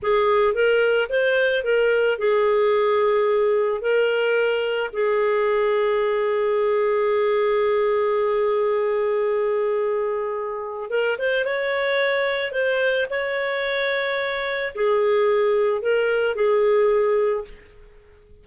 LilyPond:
\new Staff \with { instrumentName = "clarinet" } { \time 4/4 \tempo 4 = 110 gis'4 ais'4 c''4 ais'4 | gis'2. ais'4~ | ais'4 gis'2.~ | gis'1~ |
gis'1 | ais'8 c''8 cis''2 c''4 | cis''2. gis'4~ | gis'4 ais'4 gis'2 | }